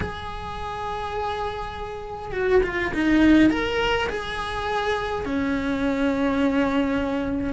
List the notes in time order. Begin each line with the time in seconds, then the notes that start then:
0.00 G#4
2.32 F#4
2.63 F4
2.93 D#4
3.50 A#4
4.09 G#4
5.25 C#4